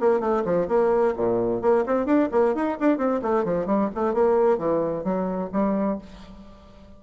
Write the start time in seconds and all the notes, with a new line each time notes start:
0.00 A#3
0.20 A3
0.44 F3
0.68 A#3
1.16 A#2
1.62 A#3
1.86 C4
2.05 D4
2.31 A#3
2.54 D#4
2.80 D4
2.98 C4
3.22 A3
3.44 F3
3.66 G3
3.95 A3
4.13 A#3
4.58 E3
5.04 F#3
5.52 G3